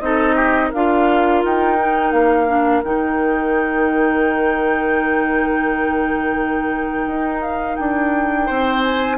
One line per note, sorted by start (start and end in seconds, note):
0.00 0.71 C4
0.00 0.72 D#4
0.00 0.36 A4
0.00 0.71 D#5
0.36 0.69 G4
0.69 1.44 D4
0.69 1.78 F4
0.69 8.46 A#4
0.69 1.44 F5
1.44 2.12 D#4
1.44 2.12 G5
1.78 2.47 D#4
2.12 2.83 A#3
2.12 2.82 F5
2.47 2.83 D4
2.84 7.07 D#3
2.84 9.18 D#4
2.84 7.41 G5
7.07 7.77 D#4
7.41 7.76 F5
7.76 8.50 D4
7.76 8.82 G5
8.46 9.18 C4
8.46 9.17 C5
8.83 9.18 G#5